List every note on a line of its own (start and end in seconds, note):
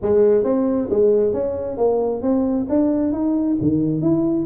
0.02 0.44 G#3
0.44 0.88 C4
0.90 1.33 G#3
1.33 1.77 C#4
1.77 2.21 A#3
2.22 2.66 C4
2.69 3.12 D4
3.12 3.57 D#4
3.61 4.01 D#3
4.01 4.46 E4